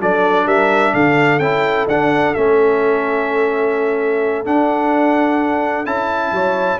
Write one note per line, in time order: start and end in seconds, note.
0.00 0.46 F#3
0.00 1.41 D4
0.00 0.46 A4
0.00 0.48 D5
0.46 0.93 G3
0.46 0.93 A#4
0.46 0.94 E5
0.93 1.39 D3
0.93 6.32 A4
0.93 1.39 F5
1.39 1.86 C#4
1.39 1.89 E4
1.39 1.86 G5
1.86 2.33 D4
1.86 2.36 D4
1.86 2.34 F#5
2.34 4.46 A3
2.34 4.45 C#4
2.34 4.45 E5
4.45 5.86 D4
4.45 5.86 F#5
5.86 6.31 C#4
5.86 6.79 E4
5.86 6.79 A5
6.31 6.78 F#3
6.31 6.79 C#5